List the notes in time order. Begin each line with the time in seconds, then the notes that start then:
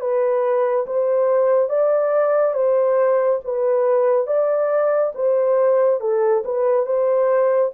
0.00 B4
0.86 C5
1.69 D5
2.54 C5
3.44 B4
4.27 D5
5.15 C5
6.00 A4
6.45 B4
6.86 C5